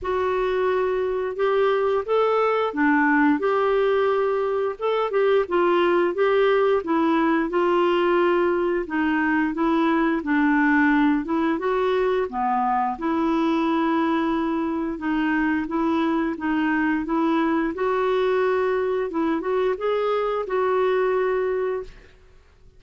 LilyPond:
\new Staff \with { instrumentName = "clarinet" } { \time 4/4 \tempo 4 = 88 fis'2 g'4 a'4 | d'4 g'2 a'8 g'8 | f'4 g'4 e'4 f'4~ | f'4 dis'4 e'4 d'4~ |
d'8 e'8 fis'4 b4 e'4~ | e'2 dis'4 e'4 | dis'4 e'4 fis'2 | e'8 fis'8 gis'4 fis'2 | }